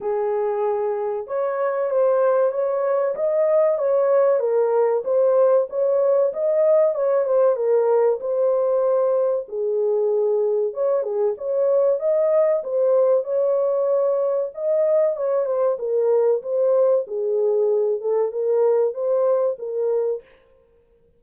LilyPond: \new Staff \with { instrumentName = "horn" } { \time 4/4 \tempo 4 = 95 gis'2 cis''4 c''4 | cis''4 dis''4 cis''4 ais'4 | c''4 cis''4 dis''4 cis''8 c''8 | ais'4 c''2 gis'4~ |
gis'4 cis''8 gis'8 cis''4 dis''4 | c''4 cis''2 dis''4 | cis''8 c''8 ais'4 c''4 gis'4~ | gis'8 a'8 ais'4 c''4 ais'4 | }